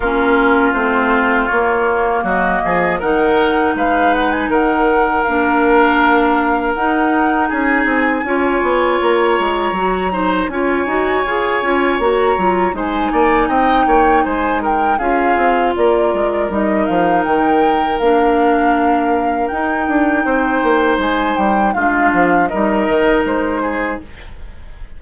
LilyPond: <<
  \new Staff \with { instrumentName = "flute" } { \time 4/4 \tempo 4 = 80 ais'4 c''4 cis''4 dis''4 | fis''4 f''8 fis''16 gis''16 fis''4 f''4~ | f''4 fis''4 gis''2 | ais''2 gis''2 |
ais''4 gis''4 g''4 gis''8 g''8 | f''4 d''4 dis''8 f''8 g''4 | f''2 g''2 | gis''8 g''8 f''4 dis''4 c''4 | }
  \new Staff \with { instrumentName = "oboe" } { \time 4/4 f'2. fis'8 gis'8 | ais'4 b'4 ais'2~ | ais'2 gis'4 cis''4~ | cis''4. c''8 cis''2~ |
cis''4 c''8 d''8 dis''8 cis''8 c''8 ais'8 | gis'4 ais'2.~ | ais'2. c''4~ | c''4 f'4 ais'4. gis'8 | }
  \new Staff \with { instrumentName = "clarinet" } { \time 4/4 cis'4 c'4 ais2 | dis'2. d'4~ | d'4 dis'2 f'4~ | f'4 fis'8 dis'8 f'8 fis'8 gis'8 f'8 |
fis'8 f'8 dis'2. | f'2 dis'2 | d'2 dis'2~ | dis'4 d'4 dis'2 | }
  \new Staff \with { instrumentName = "bassoon" } { \time 4/4 ais4 a4 ais4 fis8 f8 | dis4 gis4 dis4 ais4~ | ais4 dis'4 cis'8 c'8 cis'8 b8 | ais8 gis8 fis4 cis'8 dis'8 f'8 cis'8 |
ais8 fis8 gis8 ais8 c'8 ais8 gis4 | cis'8 c'8 ais8 gis8 g8 f8 dis4 | ais2 dis'8 d'8 c'8 ais8 | gis8 g8 gis8 f8 g8 dis8 gis4 | }
>>